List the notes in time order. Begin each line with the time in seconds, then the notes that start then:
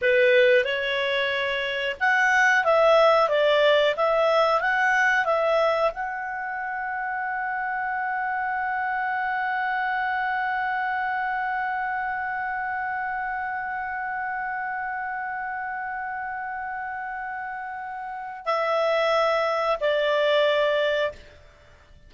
0.01 B4
0.64 C#5
1.99 F#5
2.64 E5
3.29 D5
3.96 E5
4.60 F#5
5.25 E5
5.93 F#5
18.45 E5
19.80 D5